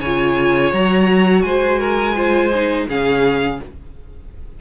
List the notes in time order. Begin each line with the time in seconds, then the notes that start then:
0.00 C#3 C#5 G#5
0.06 F4
0.73 F#3 F#4 A#5
1.41 G#3 C5 G#5
1.79 A#4
2.15 F4 C5
2.55 D#4
2.88 C#3 C#4 G#4 F5